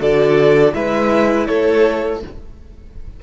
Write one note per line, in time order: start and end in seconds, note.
0.00 0.73 D3
0.00 0.73 F#4
0.00 0.74 A4
0.00 0.74 D5
0.73 1.47 G#3
0.73 2.20 E4
0.73 1.47 B4
0.73 1.47 E5
1.47 2.23 A3
1.47 2.20 A4
1.47 2.20 C#5